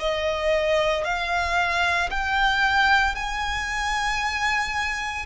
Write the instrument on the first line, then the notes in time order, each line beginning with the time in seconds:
violin
0.00 D#5
1.05 F5
2.11 G5
3.16 G#5